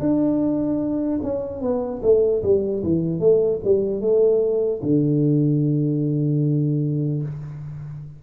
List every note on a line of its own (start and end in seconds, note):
0.00 1.20 D4
1.23 1.61 C#4
1.61 2.01 B3
2.03 2.43 A3
2.43 2.83 G3
2.84 3.20 E3
3.20 3.60 A3
3.64 4.01 G3
4.01 4.81 A3
4.83 7.23 D3